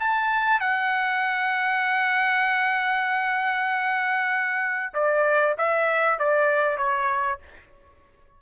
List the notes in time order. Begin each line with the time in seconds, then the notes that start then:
0.00 A5
0.60 F#5
4.94 D5
5.58 E5
6.19 D5
6.78 C#5